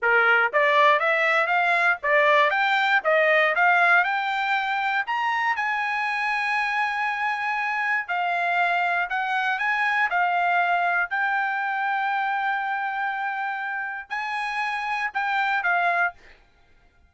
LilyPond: \new Staff \with { instrumentName = "trumpet" } { \time 4/4 \tempo 4 = 119 ais'4 d''4 e''4 f''4 | d''4 g''4 dis''4 f''4 | g''2 ais''4 gis''4~ | gis''1 |
f''2 fis''4 gis''4 | f''2 g''2~ | g''1 | gis''2 g''4 f''4 | }